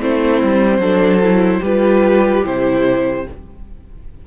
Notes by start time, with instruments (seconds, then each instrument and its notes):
0.00 cello A3, viola C4, violin E4 C5
0.43 cello G3
0.78 cello F#3, viola D4, violin A4
1.22 viola E4
1.59 cello G3, viola F4, violin G4 B4
2.44 cello C3, viola E4, violin C5